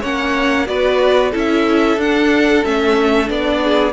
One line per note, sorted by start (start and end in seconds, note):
0.00 0.68 A#3
0.00 0.66 C#4
0.00 0.65 C#5
0.00 0.67 F#5
0.66 1.33 B3
0.66 1.31 F#4
0.66 1.30 B4
0.66 1.32 D5
1.30 1.97 C#4
1.30 1.97 E4
1.30 3.59 A4
1.37 2.00 E5
1.97 2.62 D4
1.97 2.64 D4
1.97 2.64 F#5
2.64 3.29 A3
2.64 3.26 C#4
2.64 3.29 E5
3.26 3.92 B3
3.26 3.91 D4
3.26 3.92 D5
3.63 3.92 G#4